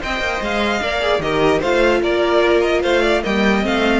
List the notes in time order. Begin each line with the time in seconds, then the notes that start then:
0.00 C4 C5 D#5 G5
0.20 A#3
0.41 G#3 F5
0.82 A#3 A#4 D5
1.01 G#4
1.19 D#3 G4 A#4 D#5
1.60 A3 F4 C5 F5
2.02 A#3 A#4 D5
2.61 D#5
2.82 A3 C5 F5
3.02 D5
3.23 G3 A#3 D#5 G5
3.61 A3 C4 F5